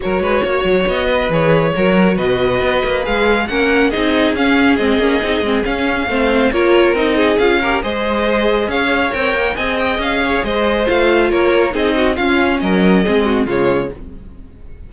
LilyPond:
<<
  \new Staff \with { instrumentName = "violin" } { \time 4/4 \tempo 4 = 138 cis''2 dis''4 cis''4~ | cis''4 dis''2 f''4 | fis''4 dis''4 f''4 dis''4~ | dis''4 f''2 cis''4 |
dis''4 f''4 dis''2 | f''4 g''4 gis''8 g''8 f''4 | dis''4 f''4 cis''4 dis''4 | f''4 dis''2 cis''4 | }
  \new Staff \with { instrumentName = "violin" } { \time 4/4 ais'8 b'8 cis''4. b'4. | ais'4 b'2. | ais'4 gis'2.~ | gis'2 c''4 ais'4~ |
ais'8 gis'4 ais'8 c''2 | cis''2 dis''4. cis''8 | c''2 ais'4 gis'8 fis'8 | f'4 ais'4 gis'8 fis'8 f'4 | }
  \new Staff \with { instrumentName = "viola" } { \time 4/4 fis'2. gis'4 | fis'2. gis'4 | cis'4 dis'4 cis'4 c'8 cis'8 | dis'8 c'8 cis'4 c'4 f'4 |
dis'4 f'8 g'8 gis'2~ | gis'4 ais'4 gis'2~ | gis'4 f'2 dis'4 | cis'2 c'4 gis4 | }
  \new Staff \with { instrumentName = "cello" } { \time 4/4 fis8 gis8 ais8 fis8 b4 e4 | fis4 b,4 b8 ais8 gis4 | ais4 c'4 cis'4 gis8 ais8 | c'8 gis8 cis'4 a4 ais4 |
c'4 cis'4 gis2 | cis'4 c'8 ais8 c'4 cis'4 | gis4 a4 ais4 c'4 | cis'4 fis4 gis4 cis4 | }
>>